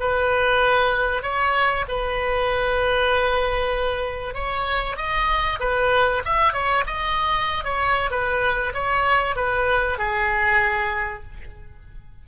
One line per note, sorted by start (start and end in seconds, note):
0.00 1.23 B4
1.23 1.85 C#5
1.89 4.34 B4
4.34 4.97 C#5
4.97 5.59 D#5
5.60 6.23 B4
6.25 6.53 E5
6.53 6.84 C#5
6.87 7.64 D#5
7.64 8.11 C#5
8.11 8.73 B4
8.74 9.36 C#5
9.36 9.98 B4
9.98 11.23 G#4